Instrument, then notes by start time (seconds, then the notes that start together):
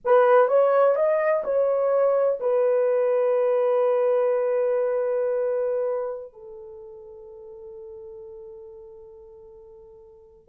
horn
0.04 B4
0.48 C#5
0.95 D#5
1.44 C#5
2.40 B4
6.32 A4